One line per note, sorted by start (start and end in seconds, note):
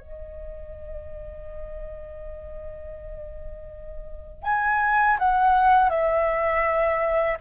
0.00 4.43 D#5
4.43 5.18 G#5
5.19 5.90 F#5
5.90 7.38 E5